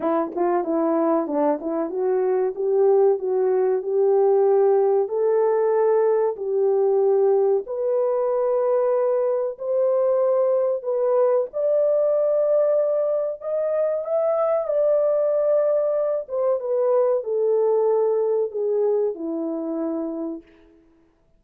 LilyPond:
\new Staff \with { instrumentName = "horn" } { \time 4/4 \tempo 4 = 94 e'8 f'8 e'4 d'8 e'8 fis'4 | g'4 fis'4 g'2 | a'2 g'2 | b'2. c''4~ |
c''4 b'4 d''2~ | d''4 dis''4 e''4 d''4~ | d''4. c''8 b'4 a'4~ | a'4 gis'4 e'2 | }